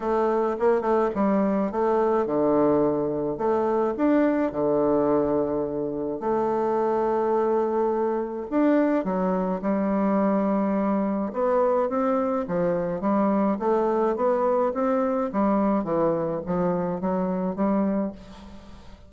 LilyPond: \new Staff \with { instrumentName = "bassoon" } { \time 4/4 \tempo 4 = 106 a4 ais8 a8 g4 a4 | d2 a4 d'4 | d2. a4~ | a2. d'4 |
fis4 g2. | b4 c'4 f4 g4 | a4 b4 c'4 g4 | e4 f4 fis4 g4 | }